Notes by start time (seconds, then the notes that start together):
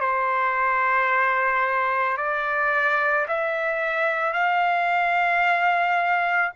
0.00 C5
2.17 D5
3.28 E5
4.33 F5